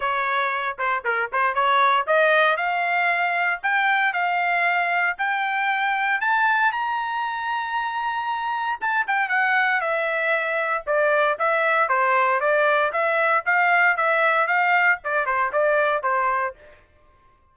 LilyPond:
\new Staff \with { instrumentName = "trumpet" } { \time 4/4 \tempo 4 = 116 cis''4. c''8 ais'8 c''8 cis''4 | dis''4 f''2 g''4 | f''2 g''2 | a''4 ais''2.~ |
ais''4 a''8 g''8 fis''4 e''4~ | e''4 d''4 e''4 c''4 | d''4 e''4 f''4 e''4 | f''4 d''8 c''8 d''4 c''4 | }